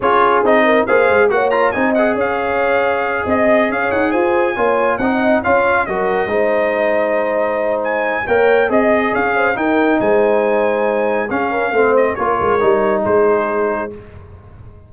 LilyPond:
<<
  \new Staff \with { instrumentName = "trumpet" } { \time 4/4 \tempo 4 = 138 cis''4 dis''4 f''4 fis''8 ais''8 | gis''8 fis''8 f''2~ f''8 dis''8~ | dis''8 f''8 fis''8 gis''2 fis''8~ | fis''8 f''4 dis''2~ dis''8~ |
dis''2 gis''4 g''4 | dis''4 f''4 g''4 gis''4~ | gis''2 f''4. dis''8 | cis''2 c''2 | }
  \new Staff \with { instrumentName = "horn" } { \time 4/4 gis'4. ais'8 c''4 cis''4 | dis''4 cis''2~ cis''8 dis''8~ | dis''8 cis''4 c''4 cis''4 dis''8~ | dis''8 cis''4 ais'4 c''4.~ |
c''2. cis''4 | dis''4 cis''8 c''8 ais'4 c''4~ | c''2 gis'8 ais'8 c''4 | ais'2 gis'2 | }
  \new Staff \with { instrumentName = "trombone" } { \time 4/4 f'4 dis'4 gis'4 fis'8 f'8 | dis'8 gis'2.~ gis'8~ | gis'2~ gis'8 f'4 dis'8~ | dis'8 f'4 fis'4 dis'4.~ |
dis'2. ais'4 | gis'2 dis'2~ | dis'2 cis'4 c'4 | f'4 dis'2. | }
  \new Staff \with { instrumentName = "tuba" } { \time 4/4 cis'4 c'4 ais8 gis8 ais4 | c'4 cis'2~ cis'8 c'8~ | c'8 cis'8 dis'8 f'4 ais4 c'8~ | c'8 cis'4 fis4 gis4.~ |
gis2. ais4 | c'4 cis'4 dis'4 gis4~ | gis2 cis'4 a4 | ais8 gis8 g4 gis2 | }
>>